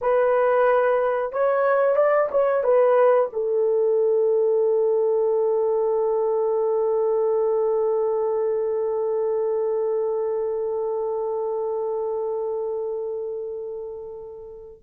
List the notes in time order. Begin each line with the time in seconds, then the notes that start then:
0.01 B4
1.32 C#5
1.96 D5
2.31 C#5
2.63 B4
3.32 A4